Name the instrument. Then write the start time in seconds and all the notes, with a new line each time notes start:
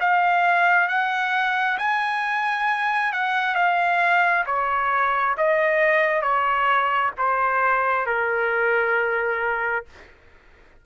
trumpet
0.00 F5
0.88 F#5
1.78 G#5
3.12 F#5
3.55 F5
4.46 C#5
5.37 D#5
6.22 C#5
7.17 C5
8.06 A#4